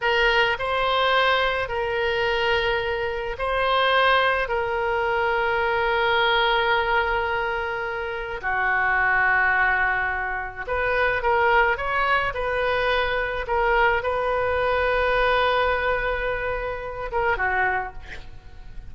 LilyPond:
\new Staff \with { instrumentName = "oboe" } { \time 4/4 \tempo 4 = 107 ais'4 c''2 ais'4~ | ais'2 c''2 | ais'1~ | ais'2. fis'4~ |
fis'2. b'4 | ais'4 cis''4 b'2 | ais'4 b'2.~ | b'2~ b'8 ais'8 fis'4 | }